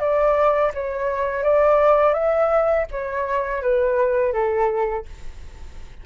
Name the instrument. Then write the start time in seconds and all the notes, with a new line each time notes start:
flute
0.00 D5
0.75 C#5
1.44 D5
2.14 E5
2.91 C#5
3.62 B4
4.33 A4